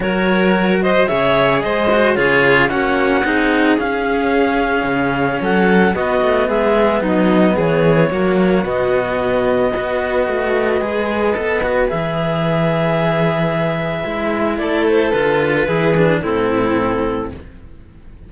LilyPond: <<
  \new Staff \with { instrumentName = "clarinet" } { \time 4/4 \tempo 4 = 111 cis''4. dis''8 e''4 dis''4 | cis''4 fis''2 f''4~ | f''2 fis''4 dis''4 | e''4 dis''4 cis''2 |
dis''1~ | dis''2 e''2~ | e''2. d''8 c''8 | b'2 a'2 | }
  \new Staff \with { instrumentName = "violin" } { \time 4/4 ais'4. c''8 cis''4 c''4 | gis'4 fis'4 gis'2~ | gis'2 a'4 fis'4 | gis'4 dis'4 gis'4 fis'4~ |
fis'2 b'2~ | b'1~ | b'2. a'4~ | a'4 gis'4 e'2 | }
  \new Staff \with { instrumentName = "cello" } { \time 4/4 fis'2 gis'4. fis'8 | f'4 cis'4 dis'4 cis'4~ | cis'2. b4~ | b2. ais4 |
b2 fis'2 | gis'4 a'8 fis'8 gis'2~ | gis'2 e'2 | f'4 e'8 d'8 c'2 | }
  \new Staff \with { instrumentName = "cello" } { \time 4/4 fis2 cis4 gis4 | cis4 ais4 c'4 cis'4~ | cis'4 cis4 fis4 b8 a8 | gis4 fis4 e4 fis4 |
b,2 b4 a4 | gis4 b4 e2~ | e2 gis4 a4 | d4 e4 a,2 | }
>>